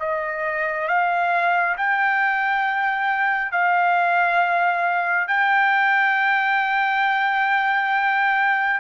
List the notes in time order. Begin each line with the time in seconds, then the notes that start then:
0.00 D#5
0.88 F5
1.78 G5
3.52 F5
5.28 G5